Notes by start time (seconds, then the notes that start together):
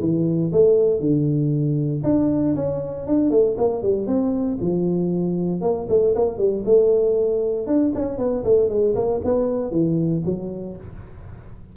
0.00 E3
0.52 A3
1.00 D3
2.03 D4
2.56 C#4
3.07 D4
3.30 A3
3.58 A#3
3.82 G3
4.07 C4
4.61 F3
5.61 A#3
5.89 A3
6.15 A#3
6.38 G3
6.65 A3
7.67 D4
7.95 C#4
8.18 B3
8.44 A3
8.69 G#3
8.95 A#3
9.24 B3
9.71 E3
10.25 F#3